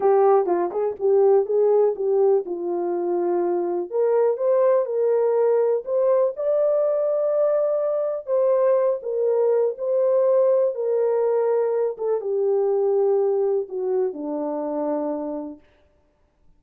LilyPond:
\new Staff \with { instrumentName = "horn" } { \time 4/4 \tempo 4 = 123 g'4 f'8 gis'8 g'4 gis'4 | g'4 f'2. | ais'4 c''4 ais'2 | c''4 d''2.~ |
d''4 c''4. ais'4. | c''2 ais'2~ | ais'8 a'8 g'2. | fis'4 d'2. | }